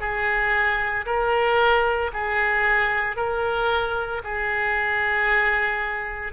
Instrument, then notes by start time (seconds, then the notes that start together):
oboe
0.00 G#4
1.06 A#4
2.13 G#4
3.16 A#4
4.24 G#4